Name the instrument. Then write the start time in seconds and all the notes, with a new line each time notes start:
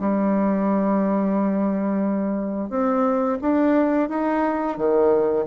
bassoon
0.00 G3
2.70 C4
3.42 D4
4.09 D#4
4.78 D#3